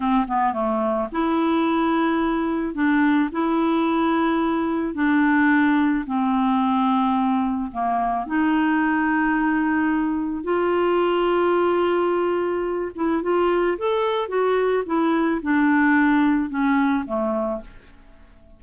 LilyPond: \new Staff \with { instrumentName = "clarinet" } { \time 4/4 \tempo 4 = 109 c'8 b8 a4 e'2~ | e'4 d'4 e'2~ | e'4 d'2 c'4~ | c'2 ais4 dis'4~ |
dis'2. f'4~ | f'2.~ f'8 e'8 | f'4 a'4 fis'4 e'4 | d'2 cis'4 a4 | }